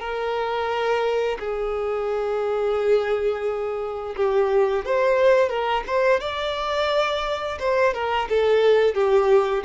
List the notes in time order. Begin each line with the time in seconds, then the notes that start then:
0.00 A#4
1.39 G#4
4.16 G4
4.85 C5
5.49 A#4
5.87 C5
6.20 D5
7.59 C5
7.94 A#4
8.29 A4
8.94 G4